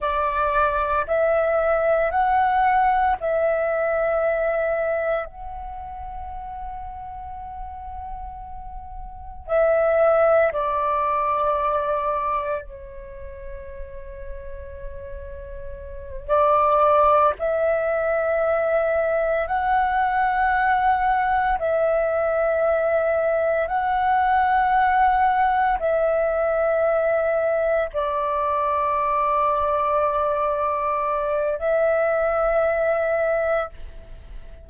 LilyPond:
\new Staff \with { instrumentName = "flute" } { \time 4/4 \tempo 4 = 57 d''4 e''4 fis''4 e''4~ | e''4 fis''2.~ | fis''4 e''4 d''2 | cis''2.~ cis''8 d''8~ |
d''8 e''2 fis''4.~ | fis''8 e''2 fis''4.~ | fis''8 e''2 d''4.~ | d''2 e''2 | }